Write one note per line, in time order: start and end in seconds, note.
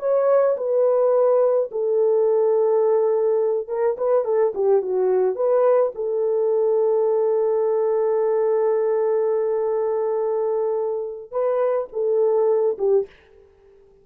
0.00 0.57 C#5
0.57 1.71 B4
1.72 3.68 A4
3.68 3.96 A#4
3.98 4.25 B4
4.25 4.53 A4
4.55 4.82 G4
4.82 5.36 F#4
5.36 5.93 B4
5.96 11.32 A4
11.32 11.88 B4
11.93 12.78 A4
12.78 13.07 G4